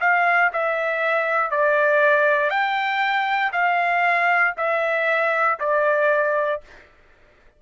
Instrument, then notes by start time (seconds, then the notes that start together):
trumpet
0.00 F5
0.53 E5
1.51 D5
2.50 G5
3.53 F5
4.57 E5
5.59 D5